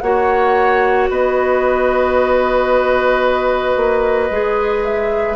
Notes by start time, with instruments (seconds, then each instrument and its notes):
0.00 bassoon A#3, clarinet F#4, oboe C#5, flute F#5
1.09 bassoon B3, oboe B4, flute D#5
3.76 bassoon A#3
4.30 bassoon G#3, clarinet G#4
4.84 flute E5